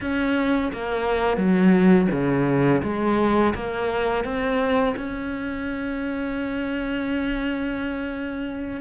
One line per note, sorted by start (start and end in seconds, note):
0.00 0.71 C#4
0.73 1.37 A#3
1.37 2.07 F#3
2.11 2.81 C#3
2.83 3.54 G#3
3.55 4.24 A#3
4.24 4.94 C4
4.96 8.80 C#4